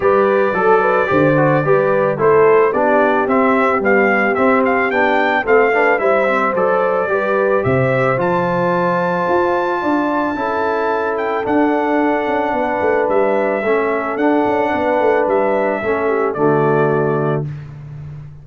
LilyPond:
<<
  \new Staff \with { instrumentName = "trumpet" } { \time 4/4 \tempo 4 = 110 d''1 | c''4 d''4 e''4 f''4 | e''8 f''8 g''4 f''4 e''4 | d''2 e''4 a''4~ |
a''1~ | a''8 g''8 fis''2. | e''2 fis''2 | e''2 d''2 | }
  \new Staff \with { instrumentName = "horn" } { \time 4/4 b'4 a'8 b'8 c''4 b'4 | a'4 g'2.~ | g'2 a'8 b'8 c''4~ | c''4 b'4 c''2~ |
c''2 d''4 a'4~ | a'2. b'4~ | b'4 a'2 b'4~ | b'4 a'8 g'8 fis'2 | }
  \new Staff \with { instrumentName = "trombone" } { \time 4/4 g'4 a'4 g'8 fis'8 g'4 | e'4 d'4 c'4 g4 | c'4 d'4 c'8 d'8 e'8 c'8 | a'4 g'2 f'4~ |
f'2. e'4~ | e'4 d'2.~ | d'4 cis'4 d'2~ | d'4 cis'4 a2 | }
  \new Staff \with { instrumentName = "tuba" } { \time 4/4 g4 fis4 d4 g4 | a4 b4 c'4 b4 | c'4 b4 a4 g4 | fis4 g4 c4 f4~ |
f4 f'4 d'4 cis'4~ | cis'4 d'4. cis'8 b8 a8 | g4 a4 d'8 cis'8 b8 a8 | g4 a4 d2 | }
>>